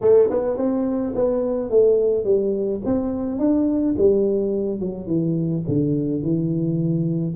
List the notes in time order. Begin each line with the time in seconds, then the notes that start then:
0.01 A3
0.30 B3
0.57 C4
1.15 B3
1.70 A3
2.24 G3
2.85 C4
3.38 D4
3.98 G3
4.80 F#3
5.06 E3
5.68 D3
6.22 E3